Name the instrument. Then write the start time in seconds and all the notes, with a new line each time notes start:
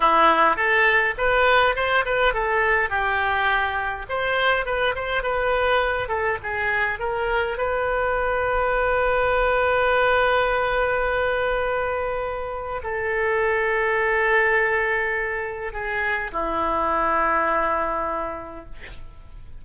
oboe
0.00 E4
0.56 A4
1.17 B4
1.75 C5
2.05 B4
2.33 A4
2.89 G4
4.09 C5
4.65 B4
4.95 C5
5.22 B4
6.08 A4
6.42 G#4
6.99 A#4
7.57 B4
12.83 A4
15.73 G#4
16.32 E4